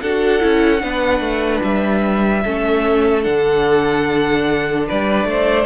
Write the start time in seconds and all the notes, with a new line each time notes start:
0.00 D4 F#4 A4 F#5
0.40 C#4 E4
0.80 B3 D4 B4
1.20 A3
1.63 G3 E5
2.43 A3 C#4 A4
3.22 D3 D4 F#5
4.87 G3 B4 D5
5.24 A3 C5